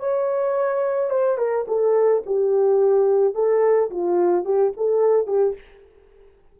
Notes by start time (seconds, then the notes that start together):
0.00 C#5
1.11 C5
1.38 A#4
1.68 A4
2.27 G4
3.35 A4
3.91 F4
4.45 G4
4.77 A4
5.27 G4